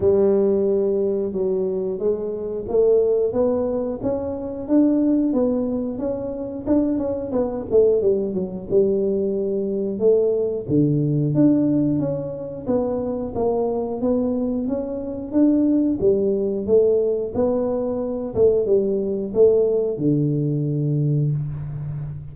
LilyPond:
\new Staff \with { instrumentName = "tuba" } { \time 4/4 \tempo 4 = 90 g2 fis4 gis4 | a4 b4 cis'4 d'4 | b4 cis'4 d'8 cis'8 b8 a8 | g8 fis8 g2 a4 |
d4 d'4 cis'4 b4 | ais4 b4 cis'4 d'4 | g4 a4 b4. a8 | g4 a4 d2 | }